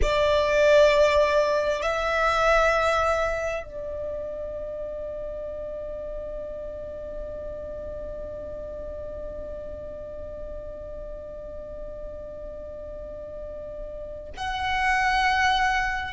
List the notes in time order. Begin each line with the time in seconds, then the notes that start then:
0.02 D5
1.82 E5
3.63 D5
14.36 F#5